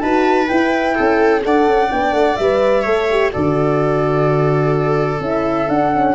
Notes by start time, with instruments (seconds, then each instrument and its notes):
0.00 tuba D#4, horn F#4, viola B4, flute A5
0.48 horn E4, tuba E4, flute G5
0.95 tuba C#4, viola A4
1.42 tuba D4, horn A4, viola D5, flute F#5
1.67 tuba C#4
1.91 tuba B3, horn D4, flute G5
2.12 tuba A3, flute F#5
2.36 tuba G3, horn B4, flute E5
2.82 tuba A3, horn A4, viola C#5
3.11 horn G4
3.31 tuba D3, horn F#4, viola A4, flute D5
5.20 tuba C#4, horn E4, flute E5
5.68 tuba D4, horn D4, flute F#5
5.92 horn C#4